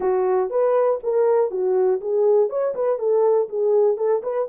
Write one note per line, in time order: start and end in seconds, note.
0.00 0.50 F#4
0.50 0.99 B4
1.03 1.50 A#4
1.50 2.00 F#4
2.00 2.49 G#4
2.49 2.74 C#5
2.74 2.98 B4
2.98 3.48 A4
3.48 3.97 G#4
3.97 4.22 A4
4.22 4.47 B4